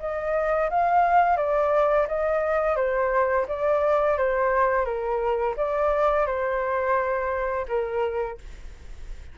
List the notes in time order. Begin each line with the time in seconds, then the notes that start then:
0.00 D#5
0.70 F5
1.37 D5
2.08 D#5
2.77 C5
3.49 D5
4.18 C5
4.86 A#4
5.57 D5
6.27 C5
7.68 A#4